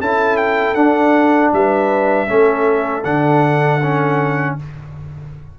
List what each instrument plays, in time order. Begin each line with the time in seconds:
0.00 tuba C#4, trombone E4, horn A4, trumpet A5
0.37 trumpet G5
0.75 tuba D4, trombone D4, trumpet F#5
1.53 tuba G3, horn B4, trumpet E5
2.27 tuba A3, trombone C#4, horn A4
3.04 tuba D3, trombone D4, trumpet F#5
3.83 trombone C#4